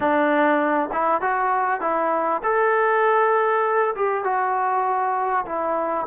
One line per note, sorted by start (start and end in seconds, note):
0.00 0.90 D4
0.92 1.21 E4
1.21 1.80 F#4
1.80 2.41 E4
2.43 3.94 A4
3.95 4.24 G4
4.24 5.45 F#4
5.45 6.06 E4